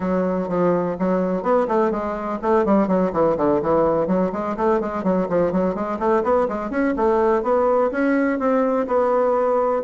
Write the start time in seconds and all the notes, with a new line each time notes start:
0.00 F#3
0.48 F3
0.99 F#3
1.42 B3
1.68 A3
1.91 G#3
2.42 A3
2.65 G3
2.87 F#3
3.12 E3
3.37 D3
3.61 E3
4.07 F#3
4.32 G#3
4.56 A3
4.80 G#3
5.03 F#3
5.29 F3
5.52 F#3
5.74 G#3
5.99 A3
6.23 B3
6.48 G#3
6.70 C#4
6.96 A3
7.42 B3
7.91 C#4
8.39 C4
8.87 B3